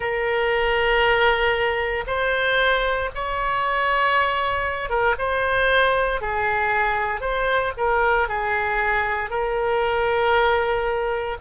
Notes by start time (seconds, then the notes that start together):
0.00 A#4
2.06 C5
3.14 C#5
4.89 A#4
5.18 C5
6.21 G#4
7.20 C5
7.77 A#4
8.28 G#4
9.30 A#4